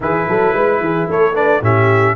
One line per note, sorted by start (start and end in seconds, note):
0.00 0.25 E3
0.00 1.34 E4
0.00 0.28 G#4
0.00 1.10 B4
0.28 0.53 F#3
0.28 0.54 A4
0.53 0.80 G#3
0.53 0.81 B4
0.80 1.07 E3
0.80 1.09 G#4
1.08 1.61 A3
1.08 1.33 A4
1.08 1.35 C#5
1.33 1.61 D4
1.33 1.60 B4
1.33 1.62 D5
1.61 2.15 A2
1.61 2.15 C#4
1.61 2.15 G4
1.61 2.15 E5